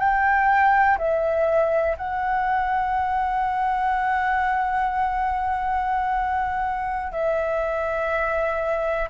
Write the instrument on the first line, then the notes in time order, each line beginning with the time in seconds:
flute
0.00 G5
0.98 E5
1.98 F#5
7.13 E5